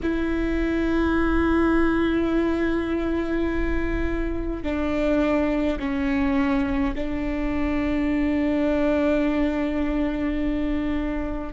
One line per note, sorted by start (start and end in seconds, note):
0.02 4.62 E4
4.62 5.77 D4
5.78 6.94 C#4
6.95 11.53 D4